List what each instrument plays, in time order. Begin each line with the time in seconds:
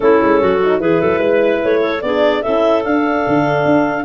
0.00 tuba A3, horn C#4, clarinet E4 A4
0.22 tuba G#3
0.41 tuba F#3, clarinet F#4
0.63 horn D#4
0.79 tuba E3, horn E4, clarinet G#4 B4
1.01 tuba F#3, clarinet A4
1.18 tuba G#3, clarinet B4
1.63 tuba A3, clarinet C#5
1.81 clarinet A4
2.01 tuba B3, horn D4, clarinet G#4 D5
2.42 tuba C#4, horn E4, clarinet A4 E5
2.84 tuba D4, horn D4, clarinet F5
3.27 tuba D3
3.65 tuba D4